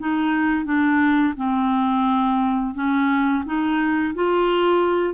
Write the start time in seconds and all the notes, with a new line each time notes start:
0.00 D#4
0.66 D4
1.37 C4
2.75 C#4
3.46 D#4
4.15 F4